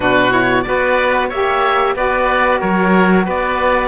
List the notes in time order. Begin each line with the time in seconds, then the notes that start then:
0.00 B2 D4 F#4 B4
0.30 E4 C#5
0.62 B3 F#4 B4 D5
1.29 A#3 G4 C#5 E5
1.95 B3 F#4 B4 D5
2.60 F#3 A#4 C#5
3.25 B3 B4 D5